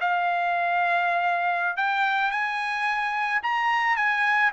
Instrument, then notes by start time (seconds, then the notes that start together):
trumpet
0.00 F5
1.77 G5
2.31 G#5
3.43 A#5
3.96 G#5